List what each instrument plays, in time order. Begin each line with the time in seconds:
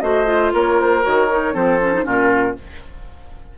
0.00 bassoon A3, clarinet F#4, oboe C5, flute D#5
0.26 clarinet F4
0.54 bassoon A#3, oboe A#4, flute C#5
0.81 flute C5
1.02 bassoon D#3, clarinet F#4, flute C#5
1.31 clarinet D#4
1.54 bassoon F3, clarinet C4, oboe A4, flute C5
1.81 clarinet C#4
1.94 clarinet D#4
2.04 bassoon A#2, clarinet C#4, oboe F4, flute A#4